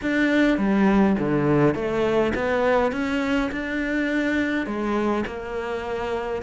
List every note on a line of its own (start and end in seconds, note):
0.02 0.58 D4
0.58 1.16 G3
1.18 1.74 D3
1.74 2.33 A3
2.35 2.92 B3
2.92 3.50 C#4
3.51 4.66 D4
4.66 5.24 G#3
5.26 6.42 A#3